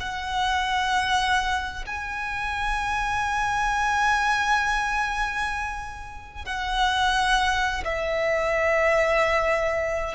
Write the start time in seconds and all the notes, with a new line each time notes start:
0.00 F#5
1.86 G#5
6.45 F#5
7.84 E5